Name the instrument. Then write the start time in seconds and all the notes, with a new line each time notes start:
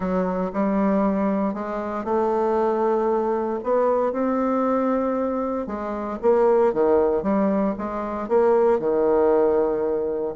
bassoon
0.00 F#3
0.53 G3
1.54 G#3
2.04 A3
3.63 B3
4.12 C4
5.66 G#3
6.22 A#3
6.73 D#3
7.22 G3
7.78 G#3
8.28 A#3
8.79 D#3